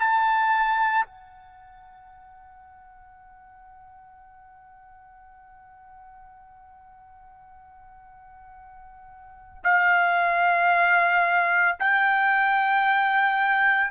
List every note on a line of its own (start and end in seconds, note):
0.00 1.06 A5
1.06 9.63 F#5
9.64 11.79 F5
11.80 13.91 G5